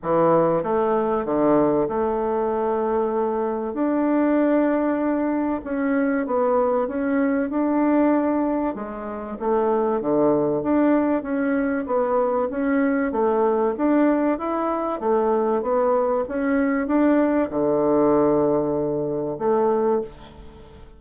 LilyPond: \new Staff \with { instrumentName = "bassoon" } { \time 4/4 \tempo 4 = 96 e4 a4 d4 a4~ | a2 d'2~ | d'4 cis'4 b4 cis'4 | d'2 gis4 a4 |
d4 d'4 cis'4 b4 | cis'4 a4 d'4 e'4 | a4 b4 cis'4 d'4 | d2. a4 | }